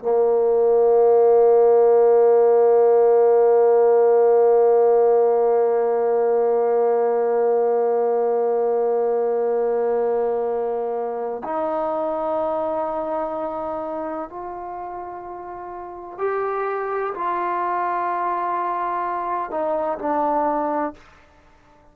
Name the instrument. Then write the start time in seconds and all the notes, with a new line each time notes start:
trombone
0.00 A#3
11.44 D#4
14.29 F4
16.19 G4
17.14 F4
19.51 D#4
19.99 D4